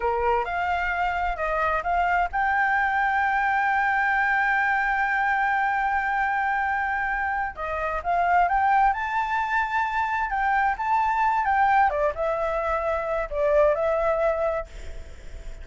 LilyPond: \new Staff \with { instrumentName = "flute" } { \time 4/4 \tempo 4 = 131 ais'4 f''2 dis''4 | f''4 g''2.~ | g''1~ | g''1~ |
g''8 dis''4 f''4 g''4 a''8~ | a''2~ a''8 g''4 a''8~ | a''4 g''4 d''8 e''4.~ | e''4 d''4 e''2 | }